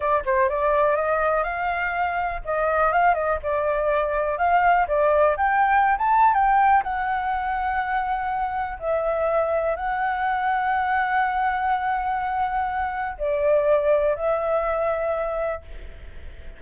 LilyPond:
\new Staff \with { instrumentName = "flute" } { \time 4/4 \tempo 4 = 123 d''8 c''8 d''4 dis''4 f''4~ | f''4 dis''4 f''8 dis''8 d''4~ | d''4 f''4 d''4 g''4~ | g''16 a''8. g''4 fis''2~ |
fis''2 e''2 | fis''1~ | fis''2. d''4~ | d''4 e''2. | }